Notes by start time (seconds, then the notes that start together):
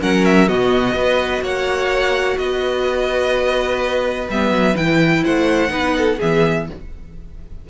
0.00 F#3 C#4 A#4 F#5
0.25 E5
0.48 B2 B3 F#4 D#5
0.93 B3 F#4 B4
1.41 A#3 C#5 F#5
2.37 B3 B4 D#5
4.29 G3 B3 E5
4.50 F#3
4.75 E3 E4 G5
5.23 A3 C5 F#5
5.68 B3 D#4 B4
5.97 A4
6.18 E3 B3 G#4 E5